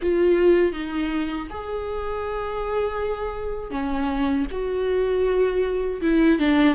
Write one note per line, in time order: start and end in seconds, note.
0.02 0.72 F4
0.72 1.47 D#4
1.50 3.71 G#4
3.71 4.46 C#4
4.51 6.01 F#4
6.01 6.39 E4
6.39 6.75 D4